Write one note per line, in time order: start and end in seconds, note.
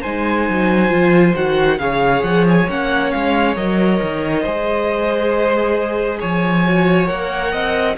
0.00 0.48 G#3
0.00 0.89 D#4
0.00 1.76 C5
0.00 1.35 G#5
0.48 0.91 F#3
0.89 1.35 F3
0.89 1.33 F4
1.34 1.79 D#3
1.34 1.78 F#4
1.34 1.78 F#5
1.78 2.22 C#3
1.78 2.67 G#4
1.78 4.41 C#5
1.78 2.22 F5
2.22 2.66 F3
2.22 2.44 F#5
2.48 2.70 G#5
2.68 3.13 A#3
2.68 3.56 C#4
2.68 3.11 F#5
3.11 3.56 G#3
3.11 3.55 F5
3.56 4.00 F#3
3.56 4.44 A#4
3.56 6.20 D#5
4.01 4.45 D#3
4.41 6.21 G#3
4.41 6.65 G#4
4.41 6.18 C5
6.20 7.10 F3
6.20 7.52 C#5
6.20 7.07 G#5
6.65 7.06 F#4
7.06 7.53 A#3
7.06 7.94 A#4
7.06 7.95 F#5
7.52 7.97 C4
7.52 7.96 D#5